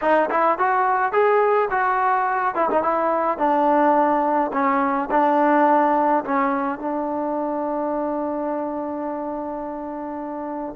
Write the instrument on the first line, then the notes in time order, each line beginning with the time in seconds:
trombone
0.01 D#4
0.30 E4
0.58 F#4
1.12 G#4
1.70 F#4
2.54 E4
2.70 D#4
2.83 E4
3.38 D4
4.52 C#4
5.10 D4
6.24 C#4
6.78 D4